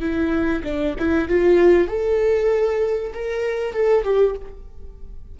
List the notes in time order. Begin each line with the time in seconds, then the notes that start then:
0.00 E4
0.64 D4
0.99 E4
1.28 F4
1.88 A4
3.13 A#4
3.73 A4
4.04 G4